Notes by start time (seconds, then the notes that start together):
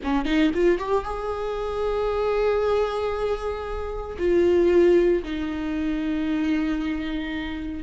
0.03 C#4
0.25 D#4
0.54 F4
0.78 G4
1.04 G#4
4.18 F4
5.23 D#4